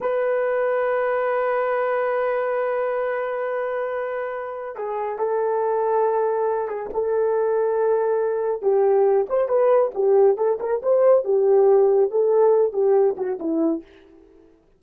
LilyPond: \new Staff \with { instrumentName = "horn" } { \time 4/4 \tempo 4 = 139 b'1~ | b'1~ | b'2. gis'4 | a'2.~ a'8 gis'8 |
a'1 | g'4. c''8 b'4 g'4 | a'8 ais'8 c''4 g'2 | a'4. g'4 fis'8 e'4 | }